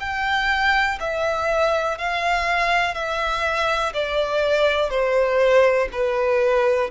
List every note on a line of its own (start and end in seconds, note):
0.00 0.98 G5
1.00 1.98 E5
1.98 2.95 F5
2.95 3.93 E5
3.93 4.90 D5
4.90 5.88 C5
5.92 6.90 B4